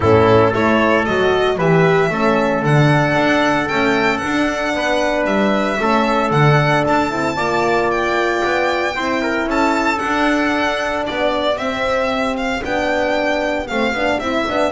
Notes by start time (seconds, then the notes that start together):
0.00 A2 C#4 E4 A4
0.49 A3 E4 A4 C#5
1.05 F#3 F#4 D#5
1.57 E3 G4 B4 E5
2.09 A3 C#4 A4
2.62 D3 D4 F#5
3.15 D4
3.68 A3 C#4 G5
4.17 D4 F#5
4.73 B3 B4
5.25 G3 E5
5.79 A3 C#4 A4
6.30 D3 D4 F#5
6.87 D4 A5
7.09 C4 E4
7.36 A#3 F4 D5
7.90 G5
8.43 B3
8.95 C4 E4 C5
9.22 A#4
9.45 C#4 A4 A5
9.96 D4 F#5
11.06 B3 G4 D5
11.56 C4 E5
12.37 F5
12.62 B3 D4 G5
13.67 A3 C4 F5
13.92 B3 D4
14.18 C4 E4 E5
14.48 B3 D4